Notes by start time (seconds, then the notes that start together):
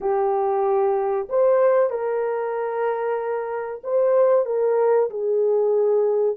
0.01 G4
1.29 C5
1.90 A#4
3.83 C5
4.45 A#4
5.09 G#4